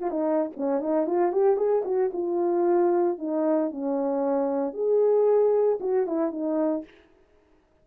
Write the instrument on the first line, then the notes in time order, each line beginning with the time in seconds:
horn
0.00 F4
0.11 D#4
0.57 C#4
0.81 D#4
1.07 F4
1.32 G4
1.57 G#4
1.85 F#4
2.13 F4
3.19 D#4
3.71 C#4
4.74 G#4
5.80 F#4
6.07 E4
6.32 D#4